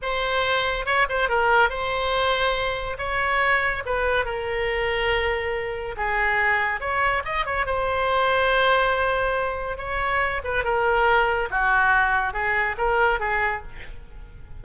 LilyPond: \new Staff \with { instrumentName = "oboe" } { \time 4/4 \tempo 4 = 141 c''2 cis''8 c''8 ais'4 | c''2. cis''4~ | cis''4 b'4 ais'2~ | ais'2 gis'2 |
cis''4 dis''8 cis''8 c''2~ | c''2. cis''4~ | cis''8 b'8 ais'2 fis'4~ | fis'4 gis'4 ais'4 gis'4 | }